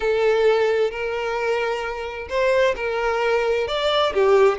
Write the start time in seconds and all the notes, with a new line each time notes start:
0.00 A4
0.90 A#4
2.29 C5
2.75 A#4
3.67 D5
4.13 G4